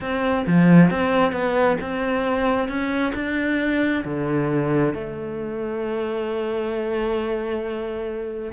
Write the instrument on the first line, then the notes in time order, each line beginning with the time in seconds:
cello
0.00 C4
0.47 F3
0.90 C4
1.32 B3
1.80 C4
2.68 C#4
3.14 D4
4.04 D3
4.94 A3